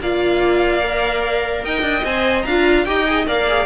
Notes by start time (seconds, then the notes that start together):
0.00 A#3 F4 D5 F5
0.81 A#4
1.64 D#4 D#5 G5
1.81 D4
2.04 C4 C5 G#5
2.42 D4 F4 F5 A#5
2.84 D#4 G4 D#5 G5
3.06 G#4
3.26 A#3 A#4 D5 F5
3.47 G#4